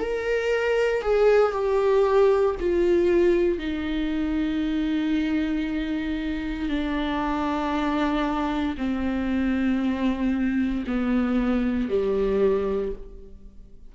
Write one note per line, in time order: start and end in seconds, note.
0.00 1.03 A#4
1.03 1.52 G#4
1.52 2.56 G4
2.60 3.59 F4
3.59 6.69 D#4
6.69 8.76 D4
8.78 10.85 C4
10.88 11.89 B3
11.89 12.93 G3